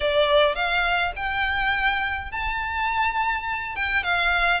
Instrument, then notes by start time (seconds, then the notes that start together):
violin
0.00 D5
0.55 F5
1.16 G5
2.31 A5
3.75 G5
4.03 F5